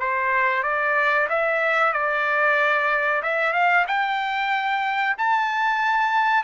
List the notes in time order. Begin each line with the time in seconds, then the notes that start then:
0.00 C5
0.63 D5
1.30 E5
1.93 D5
3.23 E5
3.53 F5
3.88 G5
5.18 A5